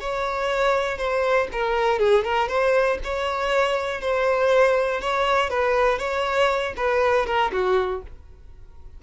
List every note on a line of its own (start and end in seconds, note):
0.00 0.98 C#5
0.98 1.48 C5
1.52 1.99 A#4
1.99 2.24 G#4
2.24 2.48 A#4
2.48 2.98 C5
3.04 4.01 C#5
4.01 5.01 C5
5.01 5.50 C#5
5.50 5.99 B4
5.99 6.74 C#5
6.76 7.26 B4
7.26 7.51 A#4
7.52 8.02 F#4